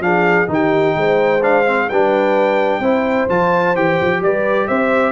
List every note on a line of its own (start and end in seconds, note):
0.00 0.47 F3
0.00 0.47 D4
0.00 0.51 G#4
0.00 0.49 F5
0.47 0.95 D#3
0.47 1.41 D#4
0.47 0.98 G4
0.47 1.43 G5
0.96 1.89 G#3
0.96 1.89 C5
1.42 1.65 D4
1.42 1.89 F5
1.66 1.89 C4
1.89 2.80 G3
1.89 2.83 D4
1.89 2.81 B4
1.89 3.29 G5
2.80 3.26 C4
2.80 3.29 E4
2.80 4.20 C5
3.29 3.75 F3
3.29 3.76 F4
3.29 3.76 A5
3.75 3.99 E3
3.75 5.12 G4
3.75 4.23 G5
4.01 4.21 F3
4.21 4.67 G3
4.21 4.68 B4
4.21 4.68 D5
4.68 5.12 C4
4.68 5.12 C5
4.68 5.12 E5